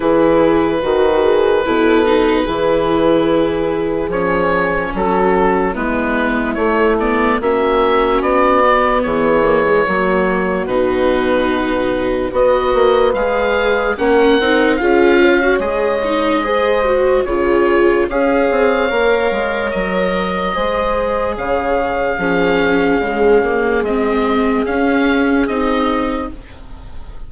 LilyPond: <<
  \new Staff \with { instrumentName = "oboe" } { \time 4/4 \tempo 4 = 73 b'1~ | b'4 cis''4 a'4 b'4 | cis''8 d''8 e''4 d''4 cis''4~ | cis''4 b'2 dis''4 |
f''4 fis''4 f''4 dis''4~ | dis''4 cis''4 f''2 | dis''2 f''2~ | f''4 dis''4 f''4 dis''4 | }
  \new Staff \with { instrumentName = "horn" } { \time 4/4 gis'4 fis'8 gis'8 a'4 gis'4~ | gis'2 fis'4 e'4~ | e'4 fis'2 gis'4 | fis'2. b'4~ |
b'4 ais'4 gis'8 cis''4. | c''4 gis'4 cis''2~ | cis''4 c''4 cis''4 gis'4~ | gis'1 | }
  \new Staff \with { instrumentName = "viola" } { \time 4/4 e'4 fis'4 e'8 dis'8 e'4~ | e'4 cis'2 b4 | a8 b8 cis'4. b4 ais16 gis16 | ais4 dis'2 fis'4 |
gis'4 cis'8 dis'8 f'8. fis'16 gis'8 dis'8 | gis'8 fis'8 f'4 gis'4 ais'4~ | ais'4 gis'2 cis'4 | gis8 ais8 c'4 cis'4 dis'4 | }
  \new Staff \with { instrumentName = "bassoon" } { \time 4/4 e4 dis4 b,4 e4~ | e4 f4 fis4 gis4 | a4 ais4 b4 e4 | fis4 b,2 b8 ais8 |
gis4 ais8 c'8 cis'4 gis4~ | gis4 cis4 cis'8 c'8 ais8 gis8 | fis4 gis4 cis4 f4 | cis4 gis4 cis'4 c'4 | }
>>